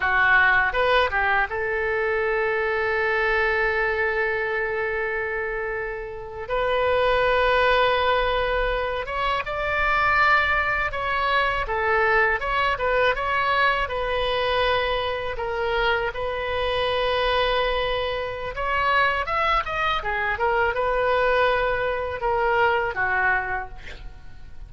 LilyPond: \new Staff \with { instrumentName = "oboe" } { \time 4/4 \tempo 4 = 81 fis'4 b'8 g'8 a'2~ | a'1~ | a'8. b'2.~ b'16~ | b'16 cis''8 d''2 cis''4 a'16~ |
a'8. cis''8 b'8 cis''4 b'4~ b'16~ | b'8. ais'4 b'2~ b'16~ | b'4 cis''4 e''8 dis''8 gis'8 ais'8 | b'2 ais'4 fis'4 | }